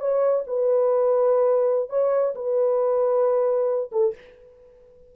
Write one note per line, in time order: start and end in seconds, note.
0.00 0.44 C#5
0.47 1.90 B4
1.90 2.34 C#5
2.35 3.91 B4
3.92 4.14 A4